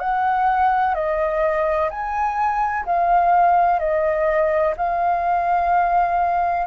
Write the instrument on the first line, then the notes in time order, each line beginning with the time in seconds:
flute
0.00 F#5
0.94 D#5
1.90 G#5
2.86 F5
3.79 D#5
4.77 F5